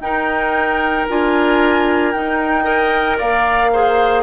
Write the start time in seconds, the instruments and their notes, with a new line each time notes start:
0.00 bassoon D#4, clarinet D#4, oboe A#4, flute G5
1.09 bassoon D4, clarinet F4, flute G#5
2.12 clarinet D#4, bassoon D#4, flute G5
2.64 clarinet A#4, oboe D#5
3.18 bassoon A#3, oboe D5, flute F5
3.73 clarinet G#4, oboe C5